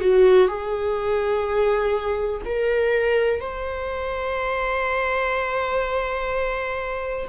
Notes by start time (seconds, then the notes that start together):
0.00 F#4
0.48 G#4
2.45 A#4
3.40 C5